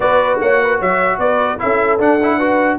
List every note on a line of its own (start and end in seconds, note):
0.00 0.39 B3
0.00 1.58 F#4
0.00 0.41 B4
0.00 0.39 D5
0.40 0.80 A#3
0.40 0.61 C#5
0.40 0.81 F#5
0.61 0.78 B4
0.78 1.18 F#3
0.78 1.18 C#5
0.78 1.19 E5
1.18 1.58 B3
1.18 1.59 B4
1.18 1.59 D5
1.58 1.99 C#4
1.58 1.98 E4
1.58 2.37 A4
1.58 1.99 E5
1.99 2.78 D4
1.99 2.19 D4
1.99 2.78 F#5
2.22 2.40 E4
2.37 2.78 F#4
2.37 2.77 B4